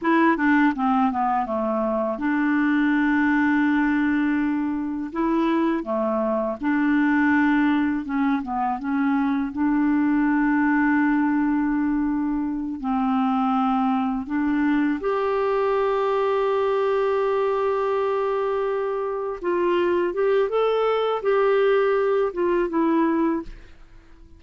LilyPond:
\new Staff \with { instrumentName = "clarinet" } { \time 4/4 \tempo 4 = 82 e'8 d'8 c'8 b8 a4 d'4~ | d'2. e'4 | a4 d'2 cis'8 b8 | cis'4 d'2.~ |
d'4. c'2 d'8~ | d'8 g'2.~ g'8~ | g'2~ g'8 f'4 g'8 | a'4 g'4. f'8 e'4 | }